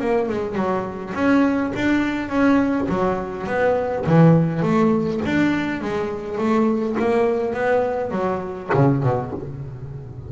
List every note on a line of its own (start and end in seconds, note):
0.00 0.28 A#3
0.28 0.55 G#3
0.55 1.13 F#3
1.14 1.73 C#4
1.75 2.29 D4
2.29 2.87 C#4
2.89 3.46 F#3
3.46 4.05 B3
4.06 4.62 E3
4.62 5.20 A3
5.25 5.81 D4
5.81 6.38 G#3
6.38 6.96 A3
6.99 7.53 A#3
7.53 8.11 B3
8.11 8.69 F#3
8.74 9.03 C#3
9.03 9.32 B2